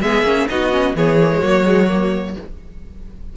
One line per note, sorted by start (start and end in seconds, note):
0.00 0.22 G#3
0.00 0.25 B3
0.00 0.49 G#4
0.00 0.47 E5
0.22 0.46 A#3
0.22 0.48 C#4
0.48 0.95 B3
0.48 0.71 D#4
0.48 0.96 F#4
0.48 0.95 D#5
0.71 0.94 C#4
0.95 1.41 E3
0.95 1.19 B3
0.95 1.37 G#4
0.95 2.36 C#5
1.21 1.31 A#3
1.31 1.42 G#3
1.37 2.36 F#3
1.37 1.64 A#3
1.37 2.30 F#4
1.64 1.87 G#3
1.88 2.34 A#3